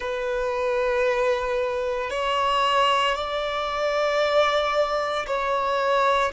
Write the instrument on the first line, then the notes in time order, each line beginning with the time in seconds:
violin
0.00 B4
2.10 C#5
3.15 D5
5.26 C#5